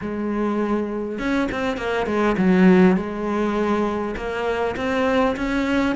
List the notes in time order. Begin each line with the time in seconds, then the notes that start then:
0.01 G#3
1.19 C#4
1.51 C4
1.77 A#3
2.06 G#3
2.37 F#3
2.96 G#3
4.16 A#3
4.76 C4
5.36 C#4